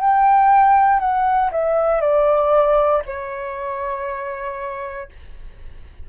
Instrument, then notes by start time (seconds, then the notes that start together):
flute
0.00 G5
0.99 F#5
1.52 E5
2.01 D5
3.06 C#5